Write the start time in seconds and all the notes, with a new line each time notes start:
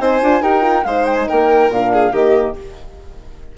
0.00 C4 D#4 C5 G#5
0.22 D4 F4
0.42 D#4 G4 A#4 G5
0.62 F4
0.84 G#3 D#4 C5 F5
1.05 G5
1.15 G#5
1.28 A#3 A#4 G5
1.70 A#2 D4 F5
1.93 G#4
2.12 D#3 A#3 G4 D#5